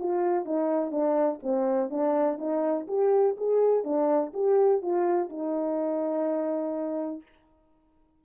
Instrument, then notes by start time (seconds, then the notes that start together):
horn
0.00 F4
0.46 D#4
0.91 D4
1.43 C4
1.90 D4
2.38 D#4
2.88 G4
3.37 G#4
3.84 D4
4.34 G4
4.82 F4
5.30 D#4